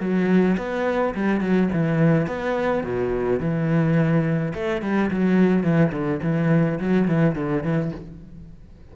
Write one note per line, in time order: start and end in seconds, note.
0.00 0.57 F#3
0.58 1.14 B3
1.15 1.41 G3
1.41 1.69 F#3
1.73 2.27 E3
2.27 2.84 B3
2.84 3.40 B2
3.40 4.53 E3
4.54 4.82 A3
4.82 5.10 G3
5.10 5.63 F#3
5.63 5.92 E3
5.92 6.21 D3
6.23 6.79 E3
6.80 7.08 F#3
7.08 7.35 E3
7.35 7.63 D3
7.63 7.92 E3